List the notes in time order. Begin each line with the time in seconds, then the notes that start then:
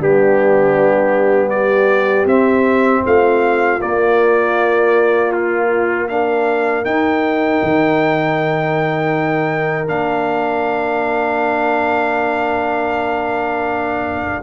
0.00 G3 B3 D4 G4
1.50 G4 D5
2.26 C4 E5
3.04 A3 F4 F5
3.82 A#3 D5
5.33 F4
6.09 D4 A#4 F5
6.84 D#4 G5
7.63 D#3
9.87 A#3 D4 F5